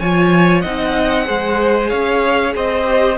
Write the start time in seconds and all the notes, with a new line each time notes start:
0.00 F3 F4 C#5 G#5
0.61 C4 D#4 D#5 F#5
1.25 G#3 G#4 C5
1.89 C#4 C#5 F5
2.55 C4 C5 D#5
2.85 G4